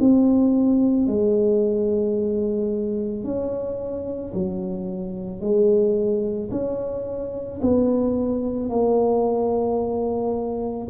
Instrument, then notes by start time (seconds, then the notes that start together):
tuba
0.00 C4
1.07 G#3
3.24 C#4
4.34 F#3
5.41 G#3
6.52 C#4
7.62 B3
8.70 A#3